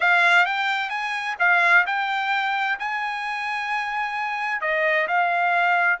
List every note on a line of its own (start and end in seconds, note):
0.00 0.45 F5
0.45 0.89 G5
0.89 1.35 G#5
1.39 1.85 F5
1.86 2.78 G5
2.79 4.61 G#5
4.61 5.07 D#5
5.07 5.99 F5